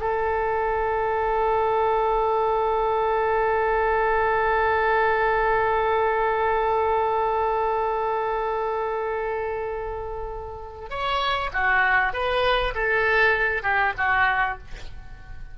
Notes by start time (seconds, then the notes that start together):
0.00 A4
10.90 C#5
11.53 F#4
12.13 B4
12.75 A4
13.63 G4
13.98 F#4